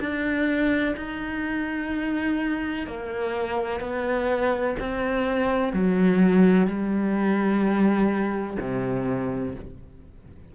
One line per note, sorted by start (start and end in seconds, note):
0.00 0.95 D4
0.97 2.87 D#4
2.87 3.81 A#3
3.81 4.76 B3
4.80 5.73 C4
5.73 6.67 F#3
6.67 8.58 G3
8.60 9.55 C3